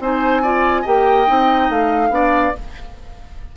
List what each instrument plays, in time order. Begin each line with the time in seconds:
0.00 bassoon C4, clarinet D#4, oboe C5, flute G#5
0.42 clarinet F4, oboe D5
0.82 bassoon A#3, clarinet G4, oboe D#5, flute G5
1.27 bassoon C4, clarinet D#4
1.70 bassoon A3, flute F5
2.10 bassoon B3, clarinet D4, oboe D5